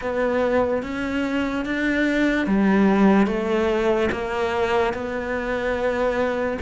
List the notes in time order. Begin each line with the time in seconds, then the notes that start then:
0.01 B3
0.83 C#4
1.65 D4
2.47 G3
3.27 A3
4.11 A#3
4.93 B3